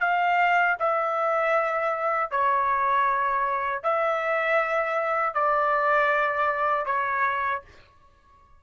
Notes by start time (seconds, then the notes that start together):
0.00 F5
0.79 E5
2.31 C#5
3.83 E5
5.34 D5
6.86 C#5